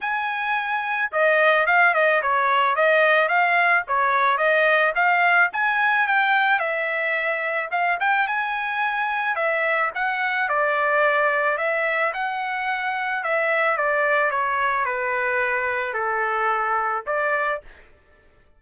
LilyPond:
\new Staff \with { instrumentName = "trumpet" } { \time 4/4 \tempo 4 = 109 gis''2 dis''4 f''8 dis''8 | cis''4 dis''4 f''4 cis''4 | dis''4 f''4 gis''4 g''4 | e''2 f''8 g''8 gis''4~ |
gis''4 e''4 fis''4 d''4~ | d''4 e''4 fis''2 | e''4 d''4 cis''4 b'4~ | b'4 a'2 d''4 | }